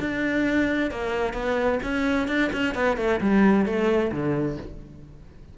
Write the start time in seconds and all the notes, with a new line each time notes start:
0.00 D4
0.91 A#3
1.33 B3
1.83 C#4
2.28 D4
2.53 C#4
2.75 B3
2.97 A3
3.21 G3
3.66 A3
4.12 D3